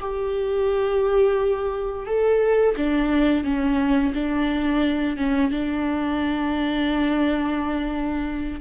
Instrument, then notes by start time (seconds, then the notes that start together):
viola
0.00 G4
2.07 A4
2.76 D4
3.44 C#4
4.14 D4
5.17 C#4
5.51 D4